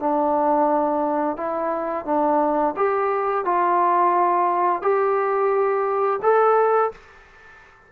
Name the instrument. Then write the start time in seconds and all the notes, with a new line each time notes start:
trombone
0.00 D4
1.37 E4
2.06 D4
2.77 G4
3.45 F4
4.82 G4
6.23 A4